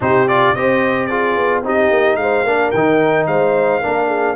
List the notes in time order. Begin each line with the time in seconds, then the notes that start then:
0.00 C3 D#4 G4 C5
0.28 F4 D5
0.55 C4 G4 C5 D#5
1.06 F4 G#4 D5
1.36 B3
1.62 C4 D#4 G4 D#5
1.90 A#3
2.16 G#3 C5 F5
2.43 A#3 D4 A#4
2.71 D#3 D#4 G5
3.27 G#3 C5 F5
3.81 A#3 D4 A#4
4.07 G#4